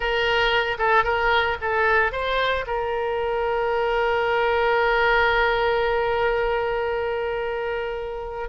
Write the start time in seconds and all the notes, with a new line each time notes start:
0.00 A#4
0.78 A4
1.04 A#4
1.61 A4
2.12 C5
2.66 A#4